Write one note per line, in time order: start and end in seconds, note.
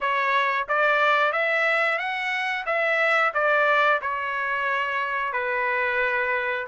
0.00 0.67 C#5
0.68 1.32 D5
1.32 1.98 E5
1.98 2.65 F#5
2.65 3.32 E5
3.33 4.00 D5
4.02 5.32 C#5
5.32 6.66 B4